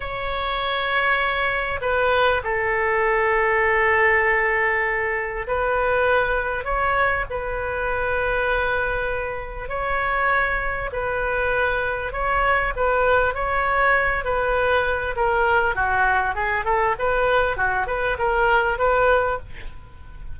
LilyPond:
\new Staff \with { instrumentName = "oboe" } { \time 4/4 \tempo 4 = 99 cis''2. b'4 | a'1~ | a'4 b'2 cis''4 | b'1 |
cis''2 b'2 | cis''4 b'4 cis''4. b'8~ | b'4 ais'4 fis'4 gis'8 a'8 | b'4 fis'8 b'8 ais'4 b'4 | }